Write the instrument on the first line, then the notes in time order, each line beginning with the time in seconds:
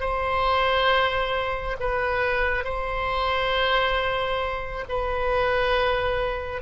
oboe
0.00 C5
1.80 B4
2.64 C5
4.88 B4